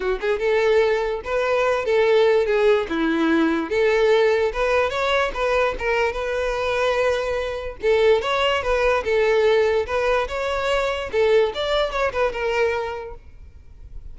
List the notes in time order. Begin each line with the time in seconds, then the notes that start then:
0.00 F#4
0.21 G#4
0.39 A4
1.24 B4
1.85 A4
2.45 G#4
2.89 E4
3.69 A4
4.52 B4
4.90 C#5
5.33 B4
5.79 A#4
6.12 B4
7.82 A4
8.21 C#5
8.62 B4
9.04 A4
9.86 B4
10.28 C#5
11.11 A4
11.54 D5
11.91 C#5
12.12 B4
12.32 A#4